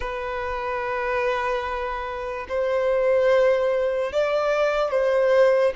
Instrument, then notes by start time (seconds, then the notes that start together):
violin
0.00 B4
2.48 C5
4.12 D5
4.91 C5